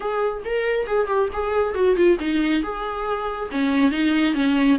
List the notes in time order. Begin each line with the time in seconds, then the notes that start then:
0.00 G#4
0.44 A#4
0.87 G#4
1.07 G4
1.32 G#4
1.74 F#4
1.96 F4
2.19 D#4
2.62 G#4
3.51 C#4
3.91 D#4
4.34 C#4